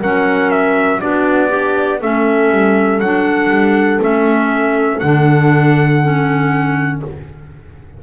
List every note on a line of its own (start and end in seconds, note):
0.00 1.02 F#3
0.00 1.01 C#4
0.00 1.00 A#4
0.00 0.50 F#5
0.50 1.00 E5
1.01 2.01 B3
1.01 1.49 D4
1.01 1.50 F#4
1.01 2.01 D5
1.49 2.00 D4
1.49 1.99 G4
2.00 2.50 A3
2.00 3.02 C#4
2.00 7.00 A4
2.00 3.00 E5
2.50 3.00 G3
3.00 3.49 F#3
3.00 4.01 D4
3.00 4.00 F#5
3.49 3.99 G3
4.01 5.02 A3
4.01 5.01 C#4
4.01 4.99 E5
4.99 7.02 D3
4.99 6.03 D4
4.99 6.99 F#5
6.03 7.02 C#4